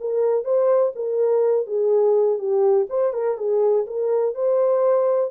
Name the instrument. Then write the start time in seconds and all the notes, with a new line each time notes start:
horn
0.00 A#4
0.44 C5
0.95 A#4
1.66 G#4
2.38 G4
2.89 C5
3.13 A#4
3.37 G#4
3.86 A#4
4.34 C5